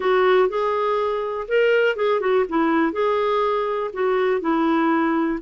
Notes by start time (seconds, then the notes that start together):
0.00 F#4
0.48 G#4
1.48 A#4
1.96 G#4
2.20 F#4
2.48 E4
2.92 G#4
3.93 F#4
4.40 E4